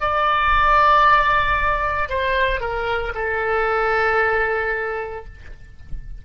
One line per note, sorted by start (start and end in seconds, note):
0.00 2.09 D5
2.09 2.60 C5
2.60 3.12 A#4
3.14 5.25 A4